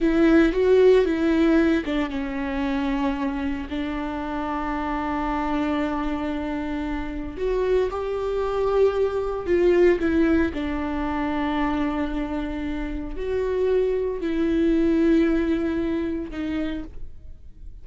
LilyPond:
\new Staff \with { instrumentName = "viola" } { \time 4/4 \tempo 4 = 114 e'4 fis'4 e'4. d'8 | cis'2. d'4~ | d'1~ | d'2 fis'4 g'4~ |
g'2 f'4 e'4 | d'1~ | d'4 fis'2 e'4~ | e'2. dis'4 | }